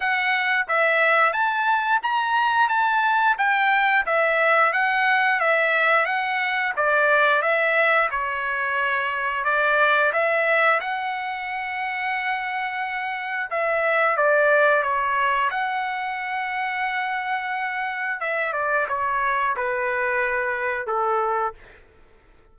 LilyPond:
\new Staff \with { instrumentName = "trumpet" } { \time 4/4 \tempo 4 = 89 fis''4 e''4 a''4 ais''4 | a''4 g''4 e''4 fis''4 | e''4 fis''4 d''4 e''4 | cis''2 d''4 e''4 |
fis''1 | e''4 d''4 cis''4 fis''4~ | fis''2. e''8 d''8 | cis''4 b'2 a'4 | }